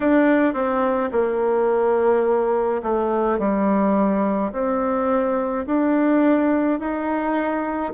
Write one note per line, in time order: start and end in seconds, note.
0.00 0.53 D4
0.53 1.10 C4
1.12 2.81 A#3
2.83 3.38 A3
3.38 4.51 G3
4.52 5.66 C4
5.66 6.79 D4
6.79 7.92 D#4